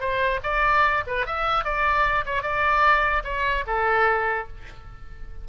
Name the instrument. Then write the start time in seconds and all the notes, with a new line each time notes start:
oboe
0.00 C5
0.43 D5
1.07 B4
1.26 E5
1.64 D5
2.26 C#5
2.42 D5
3.24 C#5
3.67 A4